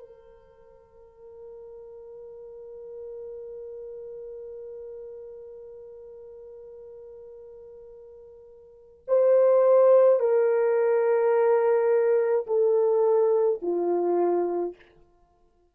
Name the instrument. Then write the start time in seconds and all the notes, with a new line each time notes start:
horn
0.00 A#4
9.08 C5
10.20 A#4
12.47 A4
13.63 F4